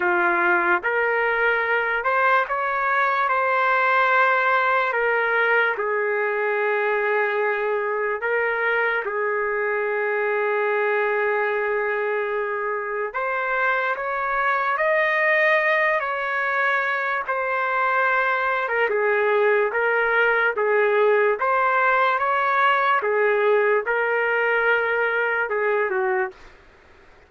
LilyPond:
\new Staff \with { instrumentName = "trumpet" } { \time 4/4 \tempo 4 = 73 f'4 ais'4. c''8 cis''4 | c''2 ais'4 gis'4~ | gis'2 ais'4 gis'4~ | gis'1 |
c''4 cis''4 dis''4. cis''8~ | cis''4 c''4.~ c''16 ais'16 gis'4 | ais'4 gis'4 c''4 cis''4 | gis'4 ais'2 gis'8 fis'8 | }